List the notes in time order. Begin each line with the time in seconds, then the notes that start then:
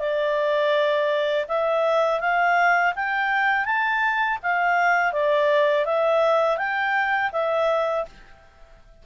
0.00 D5
1.48 E5
2.21 F5
2.96 G5
3.66 A5
4.43 F5
5.13 D5
5.86 E5
6.58 G5
7.32 E5